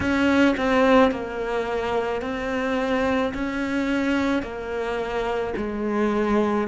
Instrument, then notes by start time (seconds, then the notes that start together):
cello
0.00 C#4
0.57 C4
1.11 A#3
2.21 C4
3.33 C#4
4.42 A#3
5.57 G#3